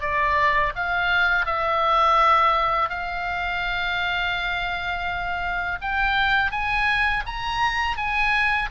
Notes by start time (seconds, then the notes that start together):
0.00 D5
0.75 F5
1.45 E5
2.89 F5
5.81 G5
6.51 G#5
7.26 A#5
7.96 G#5